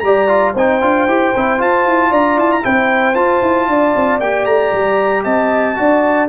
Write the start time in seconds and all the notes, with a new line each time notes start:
0.00 G3 G4 A#5
0.06 D5
0.29 F4
0.55 C4 D#4 C5 G5
0.81 D4 F4
1.07 E4 G4
1.37 C4 E4
1.59 F4 A5
1.86 E4
2.11 D4 D5 A#5
2.38 E4 A5
2.52 A#5
2.63 C4 E4 C5 G5
3.15 F4 A5
3.42 E4
3.68 D4 D5
3.96 C4
4.21 A#3 G4 G5
4.46 A3 A#5
4.73 G3
5.25 C4 D#5 A5
5.76 D4 F#4 D5